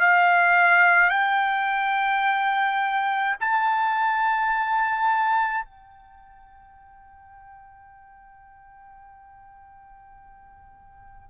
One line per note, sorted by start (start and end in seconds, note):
0.00 1.10 F5
1.10 3.36 G5
3.40 5.65 A5
5.65 11.30 G5